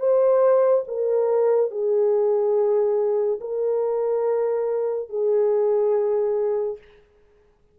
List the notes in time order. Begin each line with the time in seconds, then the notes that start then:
0.00 C5
0.88 A#4
1.71 G#4
3.41 A#4
5.10 G#4